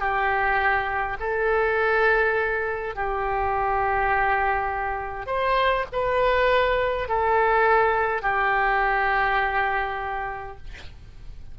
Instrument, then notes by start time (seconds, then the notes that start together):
oboe
0.00 G4
1.20 A4
2.95 G4
5.27 C5
5.93 B4
7.09 A4
8.22 G4